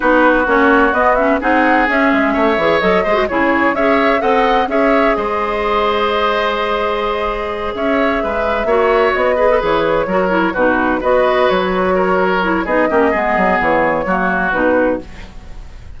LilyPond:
<<
  \new Staff \with { instrumentName = "flute" } { \time 4/4 \tempo 4 = 128 b'4 cis''4 dis''8 e''8 fis''4 | e''2 dis''4 cis''4 | e''4 fis''4 e''4 dis''4~ | dis''1~ |
dis''8 e''2. dis''8~ | dis''8 cis''2 b'4 dis''8~ | dis''8 cis''2~ cis''8 dis''4~ | dis''4 cis''2 b'4 | }
  \new Staff \with { instrumentName = "oboe" } { \time 4/4 fis'2. gis'4~ | gis'4 cis''4. c''8 gis'4 | cis''4 dis''4 cis''4 c''4~ | c''1~ |
c''8 cis''4 b'4 cis''4. | b'4. ais'4 fis'4 b'8~ | b'4. ais'4. gis'8 g'8 | gis'2 fis'2 | }
  \new Staff \with { instrumentName = "clarinet" } { \time 4/4 dis'4 cis'4 b8 cis'8 dis'4 | cis'4. gis'8 a'8 gis'16 fis'16 e'4 | gis'4 a'4 gis'2~ | gis'1~ |
gis'2~ gis'8 fis'4. | gis'16 a'16 gis'4 fis'8 e'8 dis'4 fis'8~ | fis'2~ fis'8 e'8 dis'8 cis'8 | b2 ais4 dis'4 | }
  \new Staff \with { instrumentName = "bassoon" } { \time 4/4 b4 ais4 b4 c'4 | cis'8 gis8 a8 e8 fis8 gis8 cis4 | cis'4 c'4 cis'4 gis4~ | gis1~ |
gis8 cis'4 gis4 ais4 b8~ | b8 e4 fis4 b,4 b8~ | b8 fis2~ fis8 b8 ais8 | gis8 fis8 e4 fis4 b,4 | }
>>